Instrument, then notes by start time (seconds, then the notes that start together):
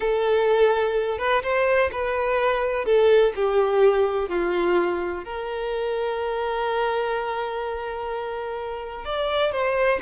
violin
0.00 A4
1.18 B4
1.42 C5
1.92 B4
2.85 A4
3.35 G4
4.29 F4
5.24 A#4
9.05 D5
9.52 C5